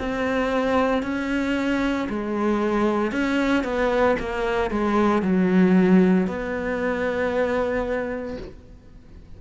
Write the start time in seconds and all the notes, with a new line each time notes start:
0.00 C4
1.03 C#4
2.10 G#3
3.12 C#4
3.64 B3
4.20 A#3
4.71 G#3
5.22 F#3
6.27 B3